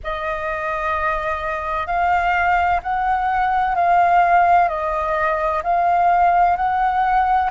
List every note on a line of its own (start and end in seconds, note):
0.03 1.86 D#5
1.86 2.80 F5
2.83 3.75 F#5
3.75 4.68 F5
4.68 5.62 D#5
5.62 6.56 F5
6.56 7.50 F#5